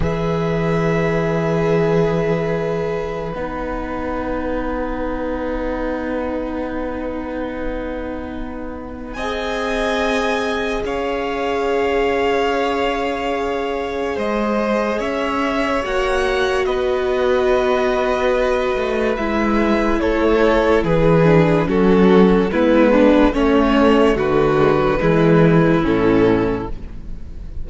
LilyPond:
<<
  \new Staff \with { instrumentName = "violin" } { \time 4/4 \tempo 4 = 72 e''1 | fis''1~ | fis''2. gis''4~ | gis''4 f''2.~ |
f''4 dis''4 e''4 fis''4 | dis''2. e''4 | cis''4 b'4 a'4 b'4 | cis''4 b'2 a'4 | }
  \new Staff \with { instrumentName = "violin" } { \time 4/4 b'1~ | b'1~ | b'2. dis''4~ | dis''4 cis''2.~ |
cis''4 c''4 cis''2 | b'1 | a'4 gis'4 fis'4 e'8 d'8 | cis'4 fis'4 e'2 | }
  \new Staff \with { instrumentName = "viola" } { \time 4/4 gis'1 | dis'1~ | dis'2. gis'4~ | gis'1~ |
gis'2. fis'4~ | fis'2. e'4~ | e'4. d'8 cis'4 b4 | a4. gis16 fis16 gis4 cis'4 | }
  \new Staff \with { instrumentName = "cello" } { \time 4/4 e1 | b1~ | b2. c'4~ | c'4 cis'2.~ |
cis'4 gis4 cis'4 ais4 | b2~ b8 a8 gis4 | a4 e4 fis4 gis4 | a4 d4 e4 a,4 | }
>>